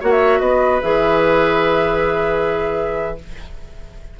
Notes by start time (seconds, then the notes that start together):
0.00 A#3 F#4 C#5 F#5
0.11 E5
0.39 B3 B4 D#5
0.82 E3 G#4 E5